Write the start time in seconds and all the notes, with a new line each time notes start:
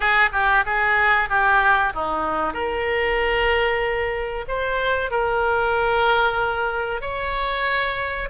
0.00 G#4
0.32 G4
0.65 G#4
1.29 G4
1.94 D#4
2.53 A#4
4.48 C5
5.10 A#4
7.01 C#5